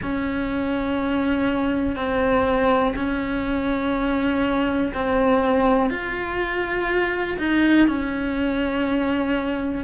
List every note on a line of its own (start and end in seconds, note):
0.02 1.95 C#4
1.95 2.94 C4
2.95 4.92 C#4
4.94 5.90 C4
5.90 7.37 F4
7.38 7.87 D#4
7.87 9.84 C#4